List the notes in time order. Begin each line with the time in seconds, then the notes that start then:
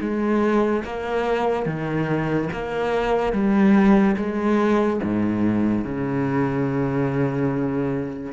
0.00 G#3
0.84 A#3
1.66 D#3
2.52 A#3
3.32 G3
4.16 G#3
5.02 G#2
5.84 C#3